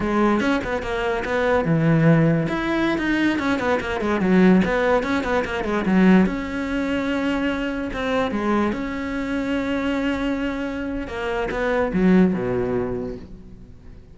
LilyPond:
\new Staff \with { instrumentName = "cello" } { \time 4/4 \tempo 4 = 146 gis4 cis'8 b8 ais4 b4 | e2 e'4~ e'16 dis'8.~ | dis'16 cis'8 b8 ais8 gis8 fis4 b8.~ | b16 cis'8 b8 ais8 gis8 fis4 cis'8.~ |
cis'2.~ cis'16 c'8.~ | c'16 gis4 cis'2~ cis'8.~ | cis'2. ais4 | b4 fis4 b,2 | }